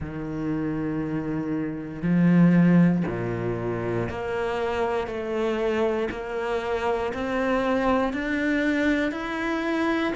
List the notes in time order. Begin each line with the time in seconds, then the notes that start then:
0.00 D#3
2.02 F3
3.07 A#2
4.09 A#3
5.07 A3
6.11 A#3
7.13 C4
8.13 D4
9.11 E4